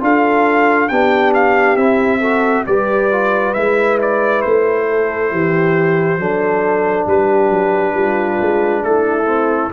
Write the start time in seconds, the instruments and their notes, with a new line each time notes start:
0.00 tuba D4, trombone F4, horn A4, trumpet F5
0.88 tuba B3, trombone D4, horn G4, trumpet G5
1.34 trumpet F5
1.76 tuba C4, trombone E4, trumpet E5
2.20 trombone F#4, horn A4
2.67 tuba G3, trombone G4, horn B4, trumpet D5
3.12 trombone F4
3.54 tuba G#3, trombone E4, trumpet E5
4.02 trumpet D5
4.42 tuba A3, trumpet C5
4.89 horn A4
5.31 tuba E3, horn G4
6.18 tuba F#3, trombone D4, horn A4
7.06 tuba G3, horn G4, trumpet B4
7.51 tuba F#3
7.94 tuba G3, horn F4
8.41 tuba G#3
8.83 tuba A3, horn E4, trumpet A4
9.26 trombone C4